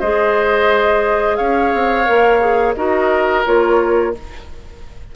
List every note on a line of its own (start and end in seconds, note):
0.00 1.39 G#3
0.00 2.05 G#4
0.00 1.37 C5
0.00 1.36 D#5
1.36 1.74 C#4
1.36 2.75 C#5
1.36 2.74 F5
1.74 2.08 C4
2.05 2.76 A#3
2.05 2.40 A#4
2.40 2.75 G#4
2.75 3.45 D#4
2.75 3.45 F#4
2.75 4.15 A#4
2.75 3.44 D#5
3.45 4.15 A#3
3.45 4.14 F4
3.45 4.15 C#5